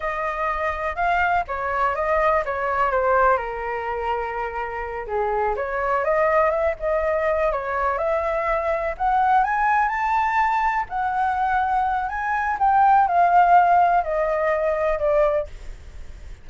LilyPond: \new Staff \with { instrumentName = "flute" } { \time 4/4 \tempo 4 = 124 dis''2 f''4 cis''4 | dis''4 cis''4 c''4 ais'4~ | ais'2~ ais'8 gis'4 cis''8~ | cis''8 dis''4 e''8 dis''4. cis''8~ |
cis''8 e''2 fis''4 gis''8~ | gis''8 a''2 fis''4.~ | fis''4 gis''4 g''4 f''4~ | f''4 dis''2 d''4 | }